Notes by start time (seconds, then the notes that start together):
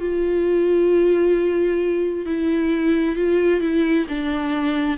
0.00 F4
2.26 E4
3.16 F4
3.61 E4
4.09 D4